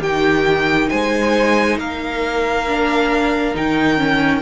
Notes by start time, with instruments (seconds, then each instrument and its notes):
0.00 cello D#3, violin G4 G5
0.06 viola D#4
0.90 cello G#3, violin C5 G#5
1.78 cello A#3, violin A#4 F5
2.68 viola D4
3.55 cello D#3, viola D#4, violin G5
3.97 viola C#4